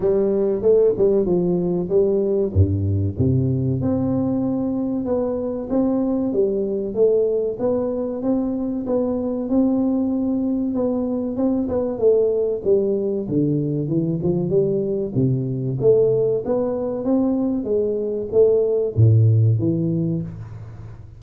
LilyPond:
\new Staff \with { instrumentName = "tuba" } { \time 4/4 \tempo 4 = 95 g4 a8 g8 f4 g4 | g,4 c4 c'2 | b4 c'4 g4 a4 | b4 c'4 b4 c'4~ |
c'4 b4 c'8 b8 a4 | g4 d4 e8 f8 g4 | c4 a4 b4 c'4 | gis4 a4 a,4 e4 | }